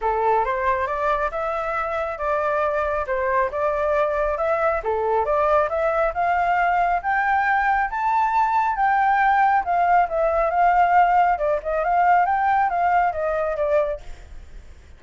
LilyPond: \new Staff \with { instrumentName = "flute" } { \time 4/4 \tempo 4 = 137 a'4 c''4 d''4 e''4~ | e''4 d''2 c''4 | d''2 e''4 a'4 | d''4 e''4 f''2 |
g''2 a''2 | g''2 f''4 e''4 | f''2 d''8 dis''8 f''4 | g''4 f''4 dis''4 d''4 | }